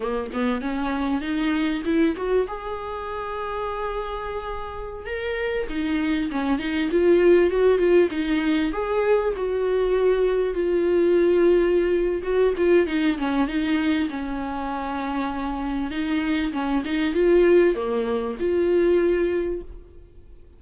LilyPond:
\new Staff \with { instrumentName = "viola" } { \time 4/4 \tempo 4 = 98 ais8 b8 cis'4 dis'4 e'8 fis'8 | gis'1~ | gis'16 ais'4 dis'4 cis'8 dis'8 f'8.~ | f'16 fis'8 f'8 dis'4 gis'4 fis'8.~ |
fis'4~ fis'16 f'2~ f'8. | fis'8 f'8 dis'8 cis'8 dis'4 cis'4~ | cis'2 dis'4 cis'8 dis'8 | f'4 ais4 f'2 | }